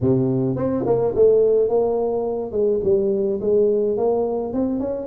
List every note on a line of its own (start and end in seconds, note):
0.01 0.56 C3
0.56 0.84 C4
0.85 1.14 A#3
1.15 1.69 A3
1.69 2.51 A#3
2.51 2.79 G#3
2.83 3.40 G3
3.40 3.97 G#3
3.97 4.53 A#3
4.53 4.79 C4
4.79 5.07 C#4